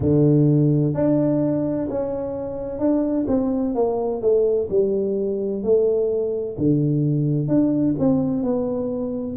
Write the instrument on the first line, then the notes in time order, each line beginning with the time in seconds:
tuba
0.00 D3
0.94 D4
1.89 C#4
2.79 D4
3.27 C4
3.75 A#3
4.21 A3
4.69 G3
5.62 A3
6.57 D3
7.48 D4
7.99 C4
8.43 B3